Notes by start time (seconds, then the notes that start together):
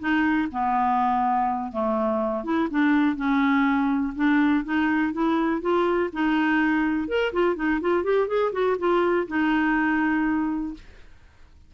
0.00 D#4
0.52 B3
1.73 A3
2.45 E4
2.71 D4
3.17 C#4
4.16 D4
4.65 D#4
5.13 E4
5.62 F4
6.13 D#4
7.08 A#4
7.33 F4
7.56 D#4
7.81 F4
8.04 G4
8.28 G#4
8.53 F#4
8.79 F4
9.28 D#4